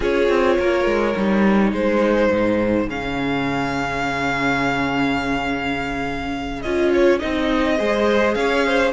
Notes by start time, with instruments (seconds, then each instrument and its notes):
0.00 cello C#4, viola F4, violin G#4 C#5
0.28 cello C4
0.59 cello A#3, violin A#4
0.85 cello G#3
1.16 cello G3, viola D#4
1.72 cello G#3, violin G#4 C5
2.30 cello G#2
2.88 cello C#3, viola C#4, violin F5
6.61 cello C#4, viola F4, violin D#5
6.93 violin C#5
7.19 cello C4, viola D#4, violin D#5
7.78 cello G#3, viola G#4, violin C5
8.34 cello C#4, violin C#5 F5
8.66 violin C5